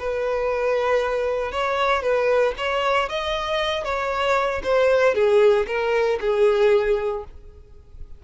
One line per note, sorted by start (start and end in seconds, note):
0.00 1.52 B4
1.52 2.03 C#5
2.03 2.55 B4
2.58 3.09 C#5
3.09 3.85 D#5
3.85 4.62 C#5
4.64 5.15 C5
5.15 5.67 G#4
5.68 6.19 A#4
6.21 7.25 G#4